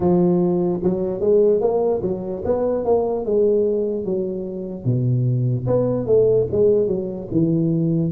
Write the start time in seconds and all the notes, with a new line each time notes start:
0.00 F3
0.83 F#3
1.20 G#3
1.60 A#3
2.02 F#3
2.45 B3
2.84 A#3
3.25 G#3
4.04 F#3
4.84 B2
5.66 B3
6.06 A3
6.51 G#3
6.87 F#3
7.31 E3